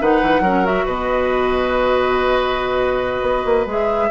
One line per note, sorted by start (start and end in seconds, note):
0.00 0.21 D#3
0.00 0.44 D#4
0.00 0.42 B4
0.00 0.66 F#5
0.21 0.40 E3
0.40 0.84 F#3
0.40 0.64 C#4
0.40 0.85 A#4
0.64 3.67 F#4
0.64 0.87 E5
0.85 3.21 B2
0.85 4.09 B4
0.85 3.68 D#5
3.21 3.43 B3
3.45 3.66 A#3
3.66 4.09 G#3
3.66 4.10 G#4
3.66 4.10 E5